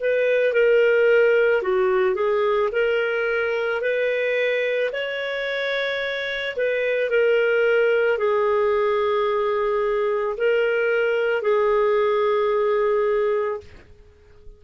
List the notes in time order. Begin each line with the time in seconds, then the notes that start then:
0.00 B4
0.53 A#4
1.62 F#4
2.15 G#4
2.72 A#4
3.81 B4
4.92 C#5
6.56 B4
7.10 A#4
8.18 G#4
10.37 A#4
11.42 G#4